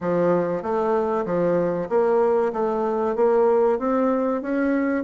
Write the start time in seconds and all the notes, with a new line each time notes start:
0.00 F3
0.62 A3
1.25 F3
1.89 A#3
2.52 A3
3.15 A#3
3.78 C4
4.42 C#4